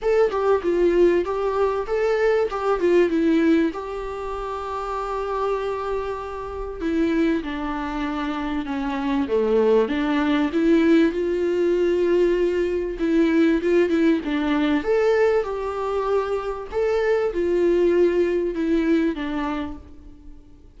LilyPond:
\new Staff \with { instrumentName = "viola" } { \time 4/4 \tempo 4 = 97 a'8 g'8 f'4 g'4 a'4 | g'8 f'8 e'4 g'2~ | g'2. e'4 | d'2 cis'4 a4 |
d'4 e'4 f'2~ | f'4 e'4 f'8 e'8 d'4 | a'4 g'2 a'4 | f'2 e'4 d'4 | }